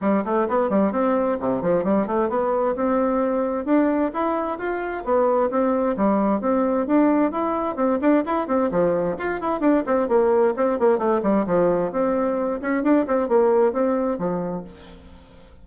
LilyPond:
\new Staff \with { instrumentName = "bassoon" } { \time 4/4 \tempo 4 = 131 g8 a8 b8 g8 c'4 c8 f8 | g8 a8 b4 c'2 | d'4 e'4 f'4 b4 | c'4 g4 c'4 d'4 |
e'4 c'8 d'8 e'8 c'8 f4 | f'8 e'8 d'8 c'8 ais4 c'8 ais8 | a8 g8 f4 c'4. cis'8 | d'8 c'8 ais4 c'4 f4 | }